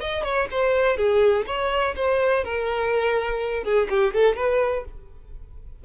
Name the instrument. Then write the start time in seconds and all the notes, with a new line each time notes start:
violin
0.00 D#5
0.24 C#5
0.51 C5
0.97 G#4
1.47 C#5
1.96 C5
2.44 A#4
3.63 G#4
3.90 G4
4.13 A4
4.36 B4